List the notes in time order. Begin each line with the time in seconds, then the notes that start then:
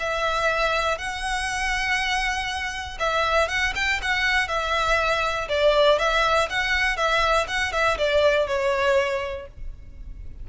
0.00 E5
0.98 F#5
2.99 E5
3.49 F#5
3.75 G5
4.02 F#5
4.48 E5
5.49 D5
5.99 E5
6.50 F#5
6.97 E5
7.48 F#5
7.73 E5
7.98 D5
8.47 C#5